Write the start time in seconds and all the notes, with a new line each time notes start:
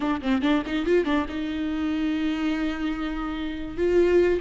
0.00 D4
0.21 C4
0.41 D4
0.66 D#4
0.85 F4
1.05 D4
1.28 D#4
3.77 F4